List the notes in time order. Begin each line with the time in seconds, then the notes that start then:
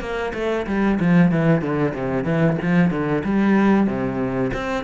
0.00 A#3
0.34 A3
0.67 G3
1.00 F3
1.31 E3
1.61 D3
1.94 C3
2.24 E3
2.62 F3
2.91 D3
3.24 G3
3.87 C3
4.53 C4